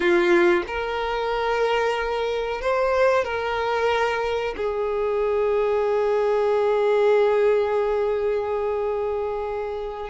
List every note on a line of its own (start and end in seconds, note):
0.00 0.63 F4
0.67 2.61 A#4
2.61 3.24 C5
3.24 4.54 A#4
4.57 10.09 G#4